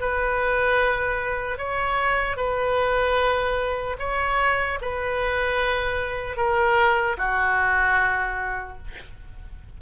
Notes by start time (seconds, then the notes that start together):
0.00 B4
1.57 C#5
2.37 B4
3.99 C#5
4.81 B4
6.37 A#4
7.17 F#4